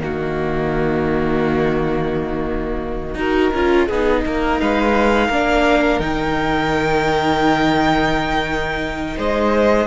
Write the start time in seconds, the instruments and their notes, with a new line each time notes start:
0.00 cello D#3, viola A#3, violin F#4 D#5
3.15 cello D#4, viola F#4, violin A#4
3.54 cello C#4, viola F4
3.87 cello B3, viola D#4, violin G#4
4.26 cello A#3, violin A#4
4.60 cello G#3, violin B4 F5
5.28 cello A#3, viola D4, violin A#4
6.00 cello D#3, viola D#4, violin G5
9.17 cello G#3, violin C5 D#5